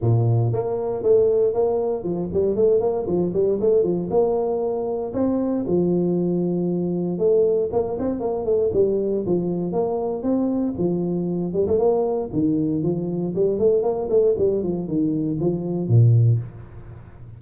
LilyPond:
\new Staff \with { instrumentName = "tuba" } { \time 4/4 \tempo 4 = 117 ais,4 ais4 a4 ais4 | f8 g8 a8 ais8 f8 g8 a8 f8 | ais2 c'4 f4~ | f2 a4 ais8 c'8 |
ais8 a8 g4 f4 ais4 | c'4 f4. g16 a16 ais4 | dis4 f4 g8 a8 ais8 a8 | g8 f8 dis4 f4 ais,4 | }